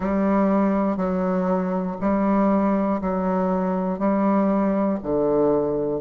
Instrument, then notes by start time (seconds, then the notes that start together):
bassoon
0.00 G3
0.96 F#3
2.00 G3
3.01 F#3
3.99 G3
5.02 D3